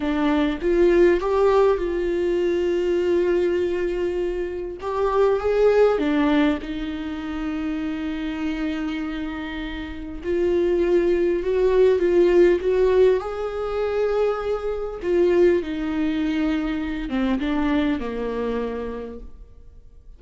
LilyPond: \new Staff \with { instrumentName = "viola" } { \time 4/4 \tempo 4 = 100 d'4 f'4 g'4 f'4~ | f'1 | g'4 gis'4 d'4 dis'4~ | dis'1~ |
dis'4 f'2 fis'4 | f'4 fis'4 gis'2~ | gis'4 f'4 dis'2~ | dis'8 c'8 d'4 ais2 | }